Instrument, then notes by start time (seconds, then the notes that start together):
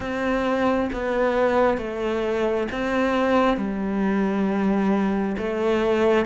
cello
0.00 C4
0.92 B3
1.77 A3
2.71 C4
3.57 G3
5.37 A3